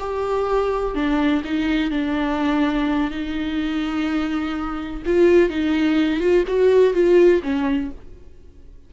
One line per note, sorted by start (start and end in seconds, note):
0.00 0.95 G4
0.95 1.43 D4
1.45 1.91 D#4
1.91 3.11 D4
3.11 5.03 D#4
5.06 5.50 F4
5.50 6.20 D#4
6.20 6.44 F4
6.48 6.94 F#4
6.94 7.42 F4
7.43 7.91 C#4